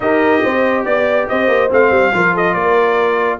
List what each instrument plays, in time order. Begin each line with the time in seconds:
0.00 tuba D#4, trombone G4, horn A#4, trumpet D#5
0.42 tuba C4, horn C5
0.84 tuba B3, trumpet D5, horn D5
1.28 tuba C4, horn C5, trumpet D#5
1.48 tuba A#3
1.70 tuba A3, trombone C4, trumpet F5
1.90 tuba G3
2.12 tuba F3, trombone F4, horn A#4
2.33 horn A4, trumpet D#5
2.53 tuba A#3, horn A#4, trumpet D5